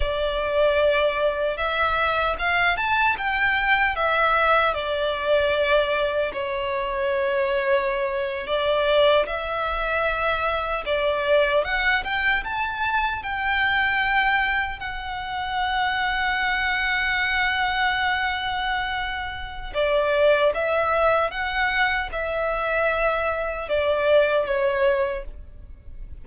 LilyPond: \new Staff \with { instrumentName = "violin" } { \time 4/4 \tempo 4 = 76 d''2 e''4 f''8 a''8 | g''4 e''4 d''2 | cis''2~ cis''8. d''4 e''16~ | e''4.~ e''16 d''4 fis''8 g''8 a''16~ |
a''8. g''2 fis''4~ fis''16~ | fis''1~ | fis''4 d''4 e''4 fis''4 | e''2 d''4 cis''4 | }